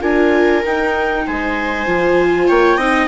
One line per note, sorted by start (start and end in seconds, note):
0.00 0.63 D4
0.00 0.62 F4
0.00 1.25 A#4
0.00 0.63 G#5
0.64 1.86 D#4
0.64 1.26 D#4
0.64 1.26 G5
1.26 1.86 G#3
1.26 2.47 C5
1.26 2.48 G#5
1.86 2.48 F3
1.86 2.79 F4
2.47 2.77 A#3
2.47 2.77 C#5
2.47 3.07 G5
2.77 3.07 C4
2.77 3.07 D#4
2.77 3.07 D#5